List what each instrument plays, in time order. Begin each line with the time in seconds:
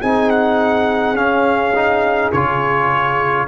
0.00 tuba C4, trombone D#4, horn G#4, trumpet G#5
0.30 trumpet F#5
1.14 tuba C#4, trombone C#4, trumpet F5
1.75 trombone D#4
2.31 tuba C#3, trombone F4, trumpet C#5